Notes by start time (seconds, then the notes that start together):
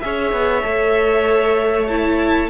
0.00 C#4 G#4 C#5 E5
0.32 B3
0.63 A3 A4
1.88 E4 A5